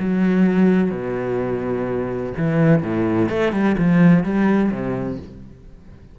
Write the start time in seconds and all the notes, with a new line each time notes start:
0.00 F#3
0.91 B2
2.38 E3
2.83 A2
3.29 A3
3.53 G3
3.78 F3
4.24 G3
4.71 C3